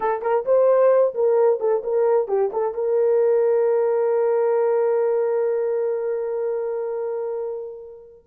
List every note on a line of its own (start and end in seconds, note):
0.00 0.21 A4
0.21 0.44 A#4
0.45 1.14 C5
1.14 1.60 A#4
1.60 1.83 A4
1.83 2.28 A#4
2.28 2.51 G4
2.52 2.74 A4
2.74 8.23 A#4